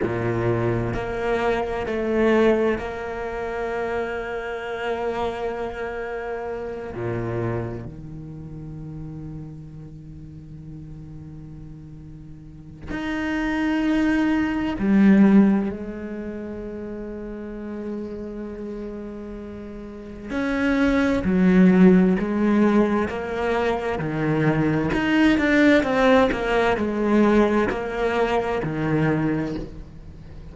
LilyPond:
\new Staff \with { instrumentName = "cello" } { \time 4/4 \tempo 4 = 65 ais,4 ais4 a4 ais4~ | ais2.~ ais8 ais,8~ | ais,8 dis2.~ dis8~ | dis2 dis'2 |
g4 gis2.~ | gis2 cis'4 fis4 | gis4 ais4 dis4 dis'8 d'8 | c'8 ais8 gis4 ais4 dis4 | }